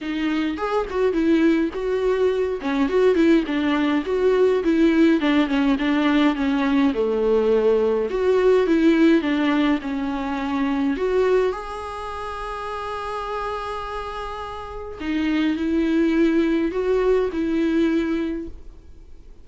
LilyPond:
\new Staff \with { instrumentName = "viola" } { \time 4/4 \tempo 4 = 104 dis'4 gis'8 fis'8 e'4 fis'4~ | fis'8 cis'8 fis'8 e'8 d'4 fis'4 | e'4 d'8 cis'8 d'4 cis'4 | a2 fis'4 e'4 |
d'4 cis'2 fis'4 | gis'1~ | gis'2 dis'4 e'4~ | e'4 fis'4 e'2 | }